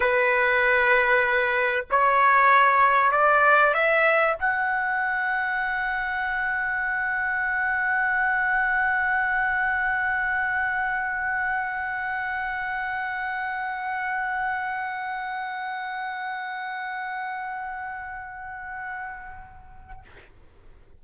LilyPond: \new Staff \with { instrumentName = "trumpet" } { \time 4/4 \tempo 4 = 96 b'2. cis''4~ | cis''4 d''4 e''4 fis''4~ | fis''1~ | fis''1~ |
fis''1~ | fis''1~ | fis''1~ | fis''1 | }